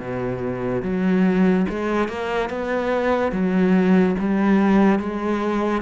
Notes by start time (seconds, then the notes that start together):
0.00 B2
0.83 F#3
1.69 G#3
2.09 A#3
2.50 B3
3.32 F#3
4.19 G3
5.00 G#3